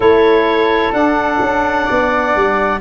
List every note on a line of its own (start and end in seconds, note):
0.00 0.90 A3
0.00 0.91 E4
0.00 1.85 A4
0.00 0.93 C#5
0.91 2.79 D4
0.91 1.39 D4
0.91 2.80 F#5
1.40 1.87 C#4
1.85 2.35 B3
1.85 2.78 D5
2.35 2.80 G3